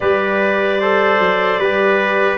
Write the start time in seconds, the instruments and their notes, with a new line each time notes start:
0.00 tuba G3, trombone G4, trumpet B4, clarinet D5
0.80 trombone A4, trumpet C5
1.19 tuba F#3
1.58 tuba G3, trombone G4, trumpet B4